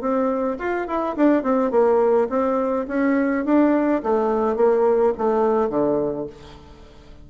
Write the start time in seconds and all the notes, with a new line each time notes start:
0.00 C4
0.58 F4
0.87 E4
1.16 D4
1.43 C4
1.71 A#3
2.29 C4
2.88 C#4
3.45 D4
4.03 A3
4.56 A#3
5.17 A3
5.69 D3